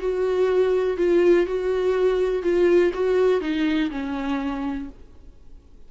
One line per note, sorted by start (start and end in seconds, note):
0.00 0.97 F#4
0.97 1.46 F4
1.47 2.43 F#4
2.43 2.92 F4
2.94 3.41 F#4
3.41 3.90 D#4
3.91 4.89 C#4